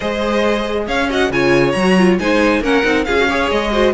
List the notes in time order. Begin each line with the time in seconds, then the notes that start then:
0.00 G#3 G#4 C5 D#5
0.86 C#4 C#5 F5
1.09 F#4 D#5 F#5
1.30 C#3 F4 C#5 G#5
1.71 F#3 A#5
1.79 F#4
1.98 F4
2.19 G#3 D#4 C5 G#5
2.60 A#3 C#4 A#4 F#5
2.83 C4 D#4
3.04 C#4 F4 G#4 F5
3.17 F#4
3.27 G#4 C#5
3.50 G#3 D#5
3.72 F#4 C5